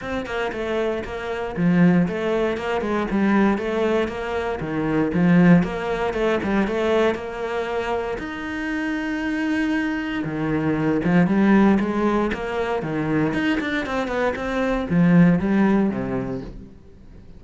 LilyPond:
\new Staff \with { instrumentName = "cello" } { \time 4/4 \tempo 4 = 117 c'8 ais8 a4 ais4 f4 | a4 ais8 gis8 g4 a4 | ais4 dis4 f4 ais4 | a8 g8 a4 ais2 |
dis'1 | dis4. f8 g4 gis4 | ais4 dis4 dis'8 d'8 c'8 b8 | c'4 f4 g4 c4 | }